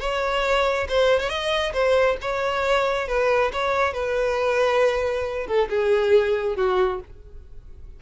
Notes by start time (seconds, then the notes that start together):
0.00 C#5
0.89 C5
1.20 C#5
1.29 D#5
1.73 C5
2.21 C#5
3.08 B4
3.53 C#5
3.94 B4
5.47 A4
5.70 G#4
6.56 F#4